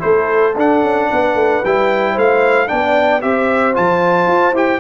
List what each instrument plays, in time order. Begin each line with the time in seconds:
0.00 tuba A3, trombone E4, horn A4, trumpet C5
0.56 tuba D4, trombone D4, trumpet F#5
0.83 tuba C#4
1.11 tuba B3, horn B4
1.35 tuba A3
1.65 tuba G3, trombone E4, trumpet G5
2.14 tuba A3, horn C5, trumpet F5
2.68 tuba B3, trombone D4, horn D5, trumpet G5
3.22 tuba C4, trombone G4, horn C5, trumpet E5
3.74 tuba F3, trombone F4, trumpet A5
4.27 tuba F4
4.53 tuba E4, trombone G4, trumpet G5